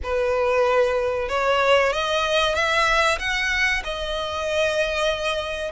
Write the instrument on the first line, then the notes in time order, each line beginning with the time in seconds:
violin
0.03 B4
1.29 C#5
1.92 D#5
2.54 E5
3.19 F#5
3.84 D#5